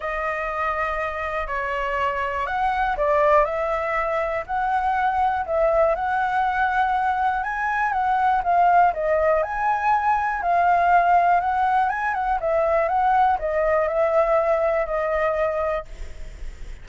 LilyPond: \new Staff \with { instrumentName = "flute" } { \time 4/4 \tempo 4 = 121 dis''2. cis''4~ | cis''4 fis''4 d''4 e''4~ | e''4 fis''2 e''4 | fis''2. gis''4 |
fis''4 f''4 dis''4 gis''4~ | gis''4 f''2 fis''4 | gis''8 fis''8 e''4 fis''4 dis''4 | e''2 dis''2 | }